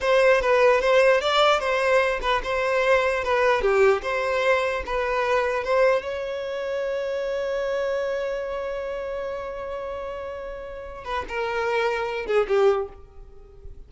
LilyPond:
\new Staff \with { instrumentName = "violin" } { \time 4/4 \tempo 4 = 149 c''4 b'4 c''4 d''4 | c''4. b'8 c''2 | b'4 g'4 c''2 | b'2 c''4 cis''4~ |
cis''1~ | cis''1~ | cis''2.~ cis''8 b'8 | ais'2~ ais'8 gis'8 g'4 | }